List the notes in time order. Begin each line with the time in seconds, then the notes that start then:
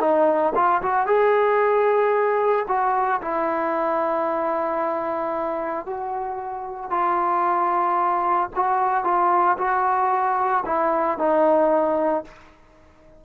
0.00 D#4
0.55 F4
0.82 F#4
1.06 G#4
2.68 F#4
3.21 E4
5.86 F#4
6.90 F4
8.56 F#4
9.04 F4
9.58 F#4
10.65 E4
11.18 D#4